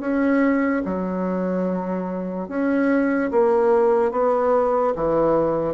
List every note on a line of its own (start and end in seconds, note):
0.00 0.82 C#4
0.85 2.48 F#3
2.48 3.31 C#4
3.31 4.11 A#3
4.11 4.94 B3
4.95 5.74 E3